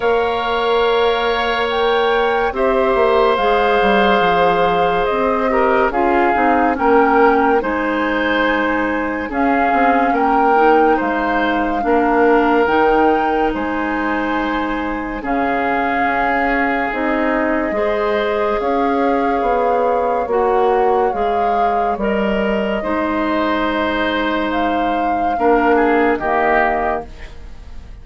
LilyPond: <<
  \new Staff \with { instrumentName = "flute" } { \time 4/4 \tempo 4 = 71 f''2 g''4 e''4 | f''2 dis''4 f''4 | g''4 gis''2 f''4 | g''4 f''2 g''4 |
gis''2 f''2 | dis''2 f''2 | fis''4 f''4 dis''2~ | dis''4 f''2 dis''4 | }
  \new Staff \with { instrumentName = "oboe" } { \time 4/4 cis''2. c''4~ | c''2~ c''8 ais'8 gis'4 | ais'4 c''2 gis'4 | ais'4 c''4 ais'2 |
c''2 gis'2~ | gis'4 c''4 cis''2~ | cis''2. c''4~ | c''2 ais'8 gis'8 g'4 | }
  \new Staff \with { instrumentName = "clarinet" } { \time 4/4 ais'2. g'4 | gis'2~ gis'8 g'8 f'8 dis'8 | cis'4 dis'2 cis'4~ | cis'8 dis'4. d'4 dis'4~ |
dis'2 cis'2 | dis'4 gis'2. | fis'4 gis'4 ais'4 dis'4~ | dis'2 d'4 ais4 | }
  \new Staff \with { instrumentName = "bassoon" } { \time 4/4 ais2. c'8 ais8 | gis8 g8 f4 c'4 cis'8 c'8 | ais4 gis2 cis'8 c'8 | ais4 gis4 ais4 dis4 |
gis2 cis4 cis'4 | c'4 gis4 cis'4 b4 | ais4 gis4 g4 gis4~ | gis2 ais4 dis4 | }
>>